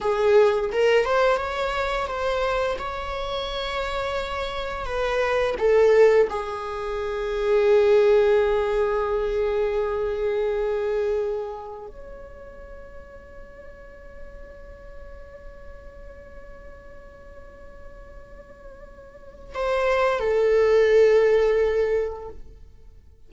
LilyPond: \new Staff \with { instrumentName = "viola" } { \time 4/4 \tempo 4 = 86 gis'4 ais'8 c''8 cis''4 c''4 | cis''2. b'4 | a'4 gis'2.~ | gis'1~ |
gis'4 cis''2.~ | cis''1~ | cis''1 | c''4 a'2. | }